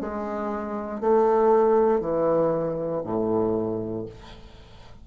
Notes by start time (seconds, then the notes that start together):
0.00 G#3
1.00 A3
2.00 E3
3.04 A2